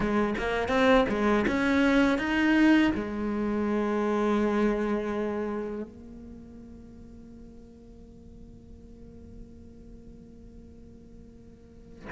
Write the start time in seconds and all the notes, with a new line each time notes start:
0.00 G#3
0.38 A#3
0.68 C4
1.08 G#3
1.47 C#4
2.18 D#4
2.95 G#3
5.83 A#3